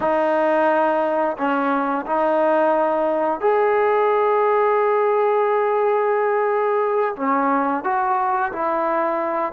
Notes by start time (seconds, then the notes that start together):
0.00 D#4
1.37 C#4
2.06 D#4
3.40 G#4
7.16 C#4
7.83 F#4
8.52 E4